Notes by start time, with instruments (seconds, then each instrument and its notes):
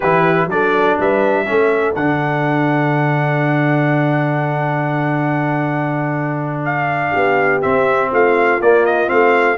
0.00 tuba E3, trombone E4, horn G4, trumpet B4
0.45 tuba F#3, trombone D4, horn A4, trumpet D5
0.99 tuba G3, horn B4, trumpet E5
1.45 tuba A3, trombone C#4, horn A4
1.95 tuba D3, trombone D4, trumpet F#5
6.65 trumpet F5
7.11 tuba B3, horn G4
7.61 trombone C4, tuba C4, trumpet E5
8.11 tuba A3, horn F4, trumpet F5
8.60 tuba A#3, trombone A#3, trumpet D5
8.85 trumpet D#5
9.07 tuba A3, trombone C4, trumpet F5